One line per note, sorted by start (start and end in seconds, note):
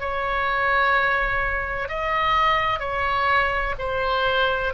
0.00 1.89 C#5
1.89 2.80 D#5
2.80 3.75 C#5
3.79 4.74 C5